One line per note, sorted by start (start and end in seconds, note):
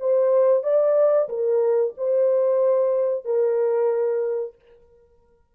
0.00 0.64 C5
0.64 1.29 D5
1.29 1.94 A#4
1.98 3.25 C5
3.25 4.56 A#4